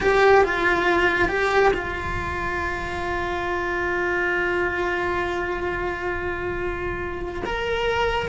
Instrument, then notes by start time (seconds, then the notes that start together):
cello
0.01 G4
0.44 F4
1.28 G4
1.73 F4
7.45 A#4